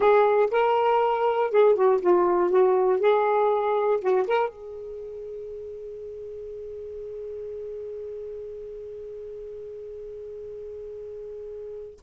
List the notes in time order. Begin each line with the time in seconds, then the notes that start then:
0.00 G#4
0.50 A#4
1.50 G#4
1.75 F#4
2.01 F4
2.50 F#4
3.00 G#4
4.00 F#4
4.27 A#4
4.49 G#4